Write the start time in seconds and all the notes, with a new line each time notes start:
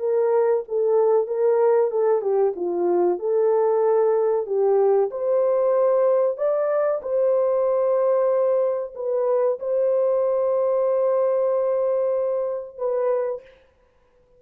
0.00 A#4
0.68 A4
1.28 A#4
1.91 A4
2.22 G4
2.56 F4
3.19 A4
4.47 G4
5.11 C5
6.38 D5
7.03 C5
8.95 B4
9.60 C5
12.78 B4